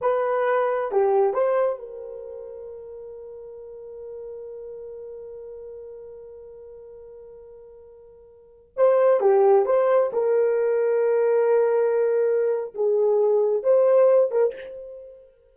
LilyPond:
\new Staff \with { instrumentName = "horn" } { \time 4/4 \tempo 4 = 132 b'2 g'4 c''4 | ais'1~ | ais'1~ | ais'1~ |
ais'2.~ ais'16 c''8.~ | c''16 g'4 c''4 ais'4.~ ais'16~ | ais'1 | gis'2 c''4. ais'8 | }